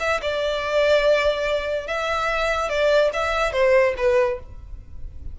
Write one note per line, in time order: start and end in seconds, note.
0.00 0.21 E5
0.22 1.88 D5
1.88 2.69 E5
2.69 3.11 D5
3.13 3.53 E5
3.53 3.95 C5
3.97 4.39 B4